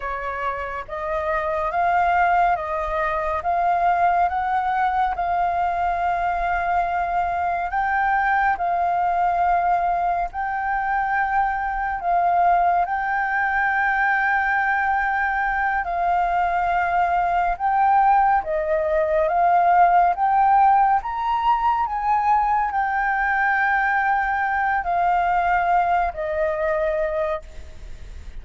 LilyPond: \new Staff \with { instrumentName = "flute" } { \time 4/4 \tempo 4 = 70 cis''4 dis''4 f''4 dis''4 | f''4 fis''4 f''2~ | f''4 g''4 f''2 | g''2 f''4 g''4~ |
g''2~ g''8 f''4.~ | f''8 g''4 dis''4 f''4 g''8~ | g''8 ais''4 gis''4 g''4.~ | g''4 f''4. dis''4. | }